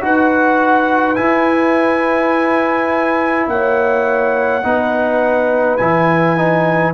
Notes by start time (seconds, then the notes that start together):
0.00 D#4 F#4 B4 F#5
1.15 E4 G#5
3.47 A#3 C#5 F#5
4.62 B3 D#4 B4
5.76 E3 E4 G#5
6.37 D#4